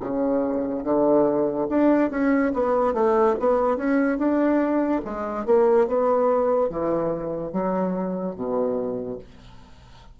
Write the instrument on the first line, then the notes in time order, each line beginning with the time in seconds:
bassoon
0.00 C#3
0.83 D3
1.69 D4
2.11 C#4
2.53 B3
2.94 A3
3.39 B3
3.77 C#4
4.18 D4
5.05 G#3
5.45 A#3
5.87 B3
6.69 E3
7.52 F#3
8.35 B2